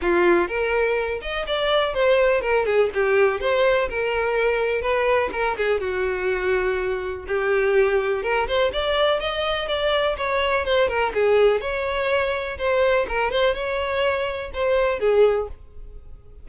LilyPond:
\new Staff \with { instrumentName = "violin" } { \time 4/4 \tempo 4 = 124 f'4 ais'4. dis''8 d''4 | c''4 ais'8 gis'8 g'4 c''4 | ais'2 b'4 ais'8 gis'8 | fis'2. g'4~ |
g'4 ais'8 c''8 d''4 dis''4 | d''4 cis''4 c''8 ais'8 gis'4 | cis''2 c''4 ais'8 c''8 | cis''2 c''4 gis'4 | }